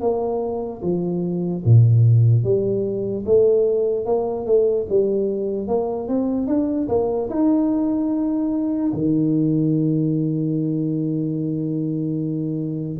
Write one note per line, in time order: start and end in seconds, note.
0.00 0.81 A#3
0.82 1.63 F3
1.64 2.43 A#2
2.43 3.24 G3
3.25 4.05 A3
4.05 4.46 A#3
4.46 4.86 A3
4.89 5.67 G3
5.67 6.08 A#3
6.08 6.47 C4
6.47 6.88 D4
6.88 7.29 A#3
7.29 8.92 D#4
8.93 12.98 D#3